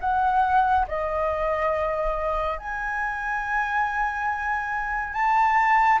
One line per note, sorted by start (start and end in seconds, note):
0.00 0.86 F#5
0.87 2.58 D#5
2.58 5.13 G#5
5.13 5.99 A5